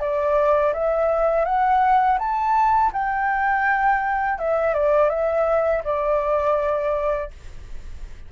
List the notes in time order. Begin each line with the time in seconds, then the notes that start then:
0.00 D5
0.74 E5
1.45 F#5
2.19 A5
2.93 G5
4.39 E5
4.74 D5
5.10 E5
5.84 D5